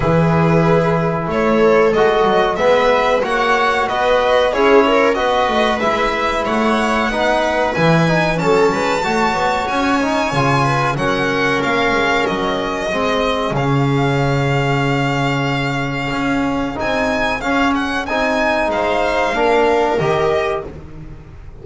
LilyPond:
<<
  \new Staff \with { instrumentName = "violin" } { \time 4/4 \tempo 4 = 93 b'2 cis''4 dis''4 | e''4 fis''4 dis''4 cis''4 | dis''4 e''4 fis''2 | gis''4 a''2 gis''4~ |
gis''4 fis''4 f''4 dis''4~ | dis''4 f''2.~ | f''2 gis''4 f''8 fis''8 | gis''4 f''2 dis''4 | }
  \new Staff \with { instrumentName = "viola" } { \time 4/4 gis'2 a'2 | b'4 cis''4 b'4 gis'8 ais'8 | b'2 cis''4 b'4~ | b'4 a'8 b'8 cis''2~ |
cis''8 b'8 ais'2. | gis'1~ | gis'1~ | gis'4 c''4 ais'2 | }
  \new Staff \with { instrumentName = "trombone" } { \time 4/4 e'2. fis'4 | b4 fis'2 e'4 | fis'4 e'2 dis'4 | e'8 dis'8 cis'4 fis'4. dis'8 |
f'4 cis'2. | c'4 cis'2.~ | cis'2 dis'4 cis'4 | dis'2 d'4 g'4 | }
  \new Staff \with { instrumentName = "double bass" } { \time 4/4 e2 a4 gis8 fis8 | gis4 ais4 b4 cis'4 | b8 a8 gis4 a4 b4 | e4 fis8 gis8 a8 b8 cis'4 |
cis4 fis4 ais8 gis8 fis4 | gis4 cis2.~ | cis4 cis'4 c'4 cis'4 | c'4 gis4 ais4 dis4 | }
>>